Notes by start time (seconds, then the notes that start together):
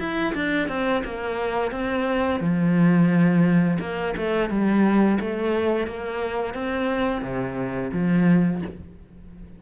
0.00 E4
0.35 D4
0.69 C4
1.05 A#3
1.72 C4
2.41 F3
3.80 A#3
4.17 A3
4.50 G3
5.20 A3
5.87 A#3
6.55 C4
7.22 C3
7.93 F3